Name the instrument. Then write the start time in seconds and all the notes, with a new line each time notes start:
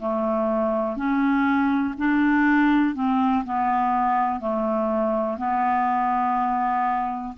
clarinet
0.00 A3
0.97 C#4
1.98 D4
2.95 C4
3.45 B3
4.40 A3
5.38 B3